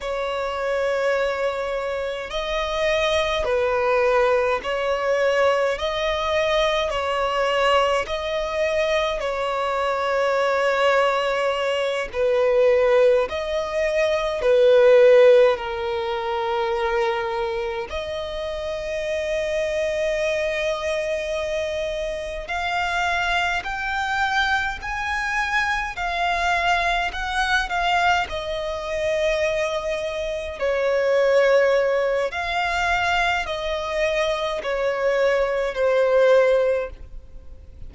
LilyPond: \new Staff \with { instrumentName = "violin" } { \time 4/4 \tempo 4 = 52 cis''2 dis''4 b'4 | cis''4 dis''4 cis''4 dis''4 | cis''2~ cis''8 b'4 dis''8~ | dis''8 b'4 ais'2 dis''8~ |
dis''2.~ dis''8 f''8~ | f''8 g''4 gis''4 f''4 fis''8 | f''8 dis''2 cis''4. | f''4 dis''4 cis''4 c''4 | }